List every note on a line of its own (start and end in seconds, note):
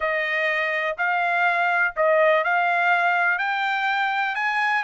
0.00 0.96 D#5
0.97 1.94 F5
1.96 2.44 D#5
2.44 3.38 F5
3.38 4.35 G5
4.35 4.83 G#5